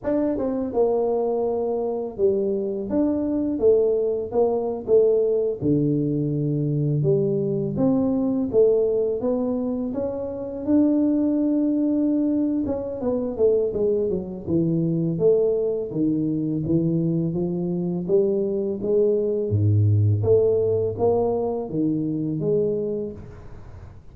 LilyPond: \new Staff \with { instrumentName = "tuba" } { \time 4/4 \tempo 4 = 83 d'8 c'8 ais2 g4 | d'4 a4 ais8. a4 d16~ | d4.~ d16 g4 c'4 a16~ | a8. b4 cis'4 d'4~ d'16~ |
d'4. cis'8 b8 a8 gis8 fis8 | e4 a4 dis4 e4 | f4 g4 gis4 gis,4 | a4 ais4 dis4 gis4 | }